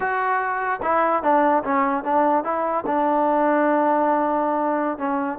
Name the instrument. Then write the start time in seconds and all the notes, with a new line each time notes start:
trombone
0.00 F#4
0.82 E4
1.22 D4
1.63 C#4
2.04 D4
2.44 E4
2.86 D4
4.98 C#4